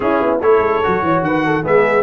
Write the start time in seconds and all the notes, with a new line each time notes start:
0.00 C#4 E4 G#4
0.20 B3
0.41 A3 E4 A4 C#5
0.58 G#3
0.83 F#3 F#4
1.02 E3 C#5
1.22 D#3 B4 F#5
1.45 A4
1.62 G#3 B3 G#4 E5